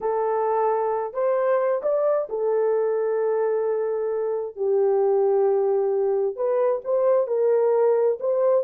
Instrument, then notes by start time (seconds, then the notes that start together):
horn
0.00 A4
1.13 C5
1.82 D5
2.29 A4
4.56 G4
6.36 B4
6.84 C5
7.27 A#4
8.20 C5